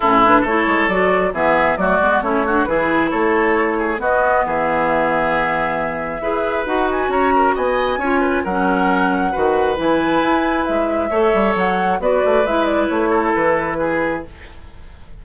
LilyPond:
<<
  \new Staff \with { instrumentName = "flute" } { \time 4/4 \tempo 4 = 135 a'8 b'8 cis''4 d''4 e''4 | d''4 cis''4 b'4 cis''4~ | cis''4 dis''4 e''2~ | e''2. fis''8 gis''8 |
ais''4 gis''2 fis''4~ | fis''2 gis''2 | e''2 fis''4 d''4 | e''8 d''8 cis''4 b'2 | }
  \new Staff \with { instrumentName = "oboe" } { \time 4/4 e'4 a'2 gis'4 | fis'4 e'8 fis'8 gis'4 a'4~ | a'8 gis'8 fis'4 gis'2~ | gis'2 b'2 |
cis''8 ais'8 dis''4 cis''8 b'8 ais'4~ | ais'4 b'2.~ | b'4 cis''2 b'4~ | b'4. a'4. gis'4 | }
  \new Staff \with { instrumentName = "clarinet" } { \time 4/4 cis'8 d'8 e'4 fis'4 b4 | a8 b8 cis'8 d'8 e'2~ | e'4 b2.~ | b2 gis'4 fis'4~ |
fis'2 f'4 cis'4~ | cis'4 fis'4 e'2~ | e'4 a'2 fis'4 | e'1 | }
  \new Staff \with { instrumentName = "bassoon" } { \time 4/4 a,4 a8 gis8 fis4 e4 | fis8 gis8 a4 e4 a4~ | a4 b4 e2~ | e2 e'4 dis'4 |
cis'4 b4 cis'4 fis4~ | fis4 dis4 e4 e'4 | gis4 a8 g8 fis4 b8 a8 | gis4 a4 e2 | }
>>